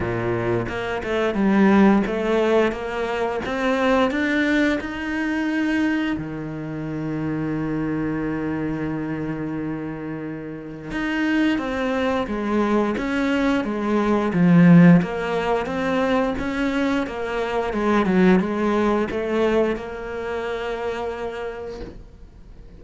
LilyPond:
\new Staff \with { instrumentName = "cello" } { \time 4/4 \tempo 4 = 88 ais,4 ais8 a8 g4 a4 | ais4 c'4 d'4 dis'4~ | dis'4 dis2.~ | dis1 |
dis'4 c'4 gis4 cis'4 | gis4 f4 ais4 c'4 | cis'4 ais4 gis8 fis8 gis4 | a4 ais2. | }